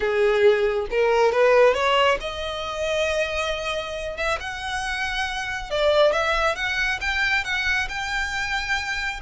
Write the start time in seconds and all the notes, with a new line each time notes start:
0.00 G#4
0.90 A#4
1.31 B4
1.74 C#5
2.20 D#5
4.16 E5
4.40 F#5
5.70 D5
6.12 E5
6.55 F#5
7.00 G5
7.44 F#5
7.89 G5